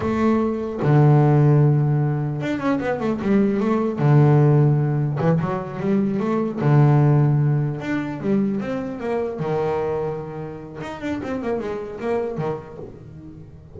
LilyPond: \new Staff \with { instrumentName = "double bass" } { \time 4/4 \tempo 4 = 150 a2 d2~ | d2 d'8 cis'8 b8 a8 | g4 a4 d2~ | d4 e8 fis4 g4 a8~ |
a8 d2. d'8~ | d'8 g4 c'4 ais4 dis8~ | dis2. dis'8 d'8 | c'8 ais8 gis4 ais4 dis4 | }